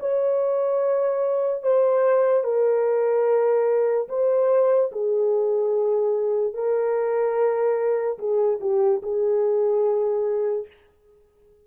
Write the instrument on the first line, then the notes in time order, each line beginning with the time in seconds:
horn
0.00 C#5
1.63 C5
2.44 A#4
4.09 C5
4.92 G#4
6.54 A#4
8.19 G#4
8.61 G4
9.03 G#4